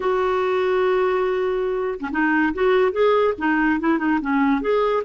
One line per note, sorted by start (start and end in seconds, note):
0.00 1.99 F#4
2.00 2.10 C#4
2.11 2.53 D#4
2.53 2.92 F#4
2.92 3.34 G#4
3.38 3.80 D#4
3.80 3.98 E4
3.98 4.19 D#4
4.21 4.61 C#4
4.61 5.03 G#4